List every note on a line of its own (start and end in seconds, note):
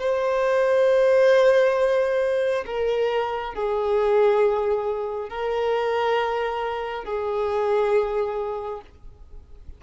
0.00 2.65 C5
2.67 3.55 A#4
3.55 5.29 G#4
5.29 7.05 A#4
7.05 8.82 G#4